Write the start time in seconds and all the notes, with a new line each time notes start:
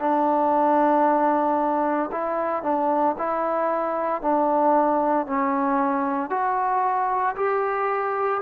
0.00 D4
2.12 E4
2.63 D4
3.19 E4
4.22 D4
5.27 C#4
6.31 F#4
7.36 G4